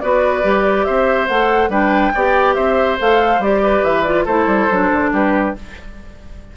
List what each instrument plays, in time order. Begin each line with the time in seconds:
0.00 bassoon B3, clarinet F#4, oboe B4, flute D5
0.43 bassoon G3, clarinet G4
0.85 bassoon C4, oboe C5, flute E5
1.27 bassoon A3, clarinet A4, flute F#5
1.69 bassoon G3, clarinet D4, oboe B4, flute G5
2.14 bassoon B3, clarinet G4, oboe D5
2.55 bassoon C4, oboe C5, flute E5
2.99 bassoon A3, clarinet A4, flute F5
3.39 bassoon G3, clarinet G4, flute D5
3.63 oboe B4
3.84 bassoon E3, flute E5
4.03 clarinet F4, flute D5
4.25 bassoon A3, clarinet E4, oboe A4, flute C5
4.46 bassoon G3
4.70 bassoon F#3, clarinet D4
4.92 bassoon D3
5.12 bassoon G3, oboe G4, flute B4